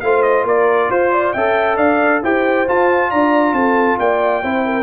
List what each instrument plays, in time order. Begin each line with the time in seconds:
0.00 tuba A3, trombone F4, horn C5, trumpet F5
0.22 trumpet D#5
0.44 tuba A#3, horn A#4, trumpet D5
0.90 tuba F4, horn C5, trumpet C5
1.11 horn D5
1.33 tuba C#4, trombone A4, horn E5, trumpet G5
1.77 tuba D4, horn D5, trumpet F5
2.23 tuba E4, trombone G4, horn C5, trumpet G5
2.67 trombone F4, tuba F4, trumpet A5
3.10 tuba D4, horn D5, trumpet A#5
3.52 tuba C4, horn A4, trumpet A5
3.98 tuba A#3, horn D5, trumpet G5
4.42 tuba C4, trombone E4, horn C5
4.65 horn A#4